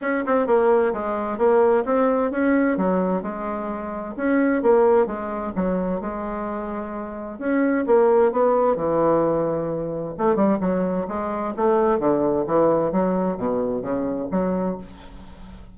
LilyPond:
\new Staff \with { instrumentName = "bassoon" } { \time 4/4 \tempo 4 = 130 cis'8 c'8 ais4 gis4 ais4 | c'4 cis'4 fis4 gis4~ | gis4 cis'4 ais4 gis4 | fis4 gis2. |
cis'4 ais4 b4 e4~ | e2 a8 g8 fis4 | gis4 a4 d4 e4 | fis4 b,4 cis4 fis4 | }